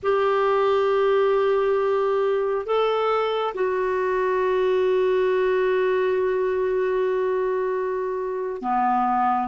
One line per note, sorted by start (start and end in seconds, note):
0.02 2.66 G4
2.66 3.54 A4
3.54 8.61 F#4
8.61 9.48 B3